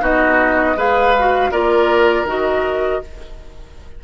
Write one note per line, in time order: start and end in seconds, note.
0.00 0.75 B3
0.00 0.75 D#4
0.00 0.76 F#4
0.00 0.78 D#5
0.76 1.51 G#3
0.76 1.14 G#4
0.76 1.51 B4
0.76 1.51 F5
1.19 1.52 F#4
1.51 2.25 A#3
1.51 2.27 F4
1.51 3.01 A#4
1.51 2.26 D5
2.25 3.00 D#3
2.25 3.02 F#4
2.25 3.03 D#5